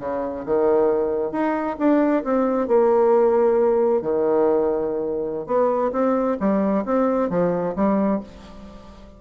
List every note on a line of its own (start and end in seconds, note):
0.00 0.45 C#3
0.46 1.32 D#3
1.32 1.77 D#4
1.79 2.23 D4
2.24 2.68 C4
2.68 4.02 A#3
4.02 5.46 D#3
5.46 5.91 B3
5.93 6.37 C4
6.40 6.85 G3
6.85 7.30 C4
7.30 7.75 F3
7.76 8.20 G3